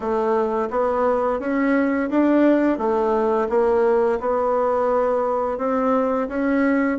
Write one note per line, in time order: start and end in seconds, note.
0.00 0.68 A3
0.70 1.40 B3
1.40 2.09 C#4
2.09 2.78 D4
2.78 3.48 A3
3.49 4.19 A#3
4.20 5.58 B3
5.58 6.28 C4
6.28 6.98 C#4